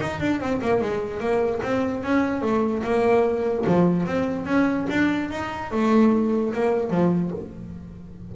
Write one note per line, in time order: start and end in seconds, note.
0.00 0.20 D#4
0.20 0.40 D4
0.40 0.60 C4
0.61 0.81 A#3
0.81 1.20 G#3
1.20 1.61 A#3
1.62 2.03 C4
2.04 2.42 C#4
2.42 2.82 A3
2.83 3.65 A#3
3.66 4.06 F3
4.06 4.46 C4
4.46 4.87 C#4
4.90 5.31 D4
5.31 5.71 D#4
5.71 6.53 A3
6.53 6.90 A#3
6.90 7.31 F3